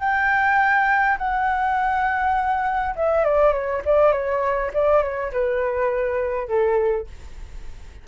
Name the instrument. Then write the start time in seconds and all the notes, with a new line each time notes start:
flute
0.00 G5
1.18 F#5
2.96 E5
3.25 D5
3.52 C#5
3.86 D5
4.12 C#5
4.74 D5
5.02 C#5
5.32 B4
6.48 A4